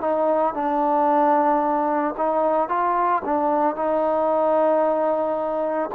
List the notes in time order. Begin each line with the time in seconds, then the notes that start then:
0.00 D#4
0.54 D4
2.17 D#4
2.68 F4
3.24 D4
3.75 D#4